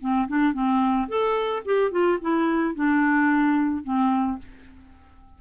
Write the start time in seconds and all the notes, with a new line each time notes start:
0.00 C4
0.28 D4
0.53 C4
1.08 A4
1.65 G4
1.91 F4
2.21 E4
2.75 D4
3.84 C4